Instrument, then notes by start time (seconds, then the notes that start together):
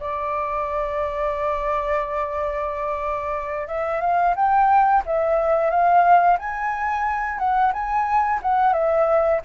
flute
0.00 D5
3.67 E5
4.01 F5
4.36 G5
5.06 E5
5.70 F5
6.39 G#5
7.39 F#5
7.73 G#5
8.42 F#5
8.73 E5